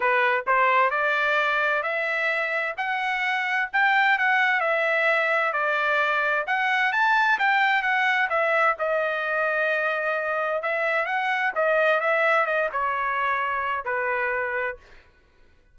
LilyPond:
\new Staff \with { instrumentName = "trumpet" } { \time 4/4 \tempo 4 = 130 b'4 c''4 d''2 | e''2 fis''2 | g''4 fis''4 e''2 | d''2 fis''4 a''4 |
g''4 fis''4 e''4 dis''4~ | dis''2. e''4 | fis''4 dis''4 e''4 dis''8 cis''8~ | cis''2 b'2 | }